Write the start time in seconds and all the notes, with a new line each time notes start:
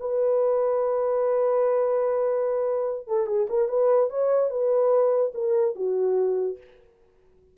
0.00 B4
3.08 A4
3.27 G#4
3.50 A#4
3.69 B4
4.10 C#5
4.50 B4
5.34 A#4
5.76 F#4